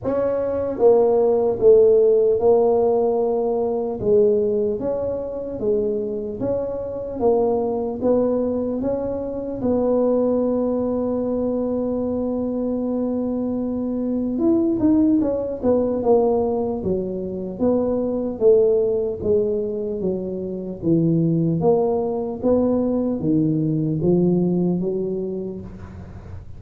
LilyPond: \new Staff \with { instrumentName = "tuba" } { \time 4/4 \tempo 4 = 75 cis'4 ais4 a4 ais4~ | ais4 gis4 cis'4 gis4 | cis'4 ais4 b4 cis'4 | b1~ |
b2 e'8 dis'8 cis'8 b8 | ais4 fis4 b4 a4 | gis4 fis4 e4 ais4 | b4 dis4 f4 fis4 | }